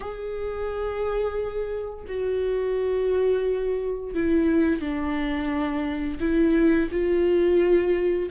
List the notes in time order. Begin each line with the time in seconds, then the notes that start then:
0.00 G#4
2.07 F#4
4.14 E4
4.81 D4
6.20 E4
6.91 F4